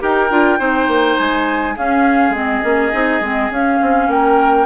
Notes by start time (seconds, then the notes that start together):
0.00 D#4 G4 A#4 G5
0.30 D4 F4
0.58 C4 D#4 C5
0.87 A#3
1.18 G#3 G#5
1.75 C#4 G#4 F5
2.29 G#3 C4
2.36 D#5
2.62 A#3 C#4
2.92 C4 D#4
3.20 G#3 C4
3.50 C#4 F5
3.81 C4
4.08 A#3 A#4 G5